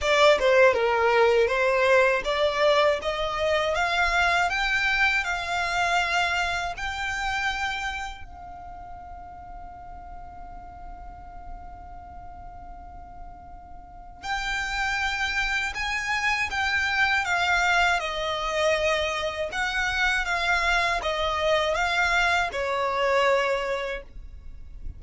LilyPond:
\new Staff \with { instrumentName = "violin" } { \time 4/4 \tempo 4 = 80 d''8 c''8 ais'4 c''4 d''4 | dis''4 f''4 g''4 f''4~ | f''4 g''2 f''4~ | f''1~ |
f''2. g''4~ | g''4 gis''4 g''4 f''4 | dis''2 fis''4 f''4 | dis''4 f''4 cis''2 | }